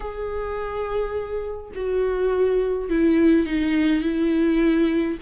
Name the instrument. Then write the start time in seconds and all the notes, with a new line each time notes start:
viola
0.00 G#4
1.75 F#4
2.89 E4
3.45 D#4
4.02 E4